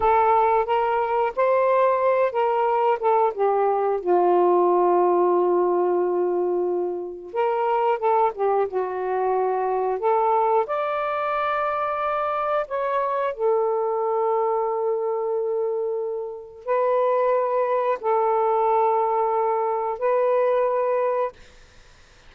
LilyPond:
\new Staff \with { instrumentName = "saxophone" } { \time 4/4 \tempo 4 = 90 a'4 ais'4 c''4. ais'8~ | ais'8 a'8 g'4 f'2~ | f'2. ais'4 | a'8 g'8 fis'2 a'4 |
d''2. cis''4 | a'1~ | a'4 b'2 a'4~ | a'2 b'2 | }